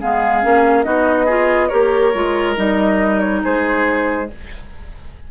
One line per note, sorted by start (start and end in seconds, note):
0.00 0.44 G#3
0.00 0.42 B3
0.00 0.86 G#4
0.00 0.84 F5
0.42 0.86 A#3
0.42 0.85 C#4
0.84 1.71 B3
0.84 1.27 D#4
0.84 1.26 F#4
0.84 1.69 D#5
1.26 1.71 F4
1.26 1.69 G#4
1.69 2.15 A#3
1.69 2.14 G4
1.69 3.40 A#4
1.69 2.55 C#5
2.14 2.57 G#3
2.14 2.56 F4
2.56 3.43 G3
2.56 4.28 D#4
2.56 3.20 D#5
3.20 3.41 C#5
3.44 4.31 G#3
3.44 4.30 G#4
3.44 4.30 C5